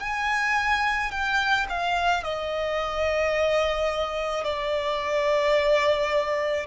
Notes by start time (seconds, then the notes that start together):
0.00 G#5
1.11 G5
1.69 F5
2.23 D#5
4.44 D5